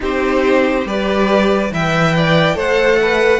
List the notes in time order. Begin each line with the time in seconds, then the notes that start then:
0.00 C4 D#4 G4 C5
0.85 G3 G4 B4 D5
1.71 E3 B4 E5 G5
2.16 D5
2.53 A3 A4 C5 F#5
3.01 B4